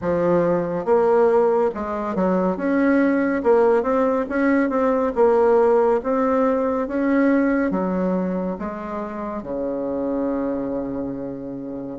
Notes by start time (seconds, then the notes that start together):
0.01 F3
0.85 A#3
1.74 G#3
2.15 F#3
2.56 C#4
3.43 A#3
3.82 C4
4.29 C#4
4.69 C4
5.15 A#3
6.03 C4
6.87 C#4
7.71 F#3
8.58 G#3
9.42 C#3